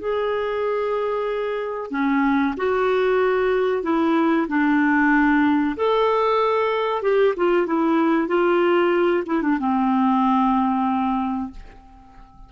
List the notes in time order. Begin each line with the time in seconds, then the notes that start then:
0.00 G#4
1.91 C#4
2.57 F#4
3.84 E4
4.49 D4
5.77 A4
7.03 G4
7.37 F4
7.67 E4
8.28 F4
9.27 E4
9.43 D4
9.60 C4